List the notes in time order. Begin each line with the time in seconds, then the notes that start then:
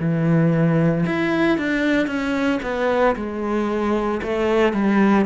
0.00 E3
1.06 E4
1.58 D4
2.08 C#4
2.63 B3
3.16 G#3
4.23 A3
4.74 G3